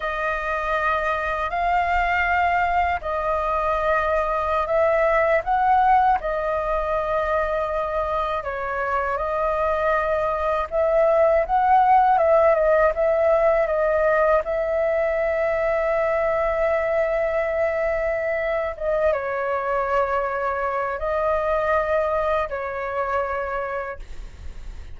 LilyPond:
\new Staff \with { instrumentName = "flute" } { \time 4/4 \tempo 4 = 80 dis''2 f''2 | dis''2~ dis''16 e''4 fis''8.~ | fis''16 dis''2. cis''8.~ | cis''16 dis''2 e''4 fis''8.~ |
fis''16 e''8 dis''8 e''4 dis''4 e''8.~ | e''1~ | e''4 dis''8 cis''2~ cis''8 | dis''2 cis''2 | }